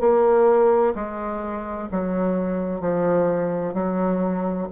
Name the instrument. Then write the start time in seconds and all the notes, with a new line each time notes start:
bassoon
0.00 A#3
0.95 G#3
1.91 F#3
2.80 F3
3.74 F#3